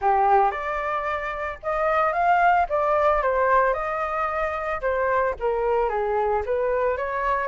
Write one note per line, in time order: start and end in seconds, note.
0.01 0.51 G4
0.51 1.58 D5
1.62 2.13 D#5
2.13 2.66 F5
2.69 3.22 D5
3.22 3.73 C5
3.73 4.80 D#5
4.81 5.34 C5
5.39 5.89 A#4
5.89 6.43 G#4
6.45 6.97 B4
6.97 7.47 C#5